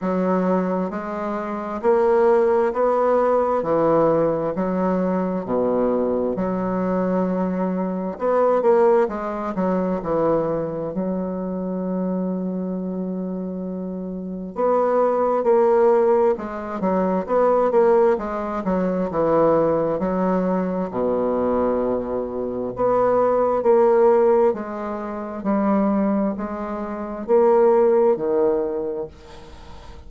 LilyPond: \new Staff \with { instrumentName = "bassoon" } { \time 4/4 \tempo 4 = 66 fis4 gis4 ais4 b4 | e4 fis4 b,4 fis4~ | fis4 b8 ais8 gis8 fis8 e4 | fis1 |
b4 ais4 gis8 fis8 b8 ais8 | gis8 fis8 e4 fis4 b,4~ | b,4 b4 ais4 gis4 | g4 gis4 ais4 dis4 | }